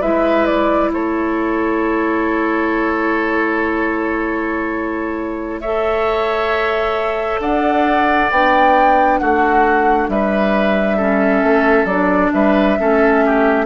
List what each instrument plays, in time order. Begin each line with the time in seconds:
0.00 bassoon G#3, clarinet E4, oboe B4, flute E5
0.46 flute D5
0.91 bassoon A3, oboe A4, flute C#5
5.60 clarinet A4, oboe C#5, flute E5
7.39 bassoon D4, oboe D5, flute F#5
8.30 bassoon B3, clarinet D4, flute G5
9.18 bassoon A3, oboe F#4, flute F#5
10.08 bassoon G3, oboe B4, flute E5
10.97 clarinet C#4, oboe A4
11.43 bassoon A3
11.85 bassoon F#3, clarinet D4, flute D5
12.33 bassoon G3, oboe B4, flute E5
12.78 bassoon A3, clarinet C#4, oboe A4
13.25 oboe G4